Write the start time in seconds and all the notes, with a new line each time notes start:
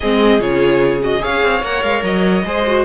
0.00 G#3 C4 G#4 D#5
0.39 C#3 F4 C#5
1.01 F#4 D#5
1.19 G#4 C#5 F5
1.27 C#4
1.42 C4
1.62 A#3 A#4 F#5
1.82 G#3 F5
2.03 F#3 D#5
2.44 G#3 G#4 C5
2.66 F#4